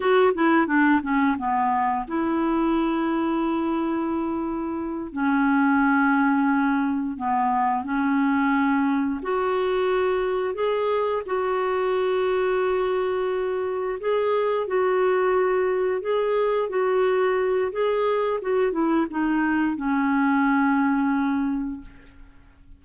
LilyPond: \new Staff \with { instrumentName = "clarinet" } { \time 4/4 \tempo 4 = 88 fis'8 e'8 d'8 cis'8 b4 e'4~ | e'2.~ e'8 cis'8~ | cis'2~ cis'8 b4 cis'8~ | cis'4. fis'2 gis'8~ |
gis'8 fis'2.~ fis'8~ | fis'8 gis'4 fis'2 gis'8~ | gis'8 fis'4. gis'4 fis'8 e'8 | dis'4 cis'2. | }